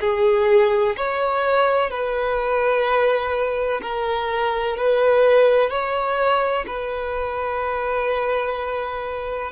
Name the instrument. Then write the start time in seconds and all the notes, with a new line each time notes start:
violin
0.00 G#4
0.97 C#5
1.90 B4
3.82 A#4
4.76 B4
5.70 C#5
6.66 B4